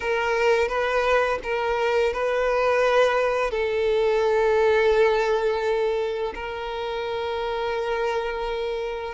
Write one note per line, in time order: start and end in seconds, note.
0.00 0.68 A#4
0.68 1.39 B4
1.43 2.13 A#4
2.13 3.51 B4
3.51 6.33 A4
6.35 9.14 A#4